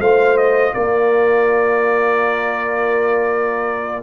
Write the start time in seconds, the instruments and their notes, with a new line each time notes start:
0.00 tuba A3, trombone F4, horn C5, trumpet F5
0.37 trumpet D#5
0.73 tuba A#3, horn A#4, trumpet D5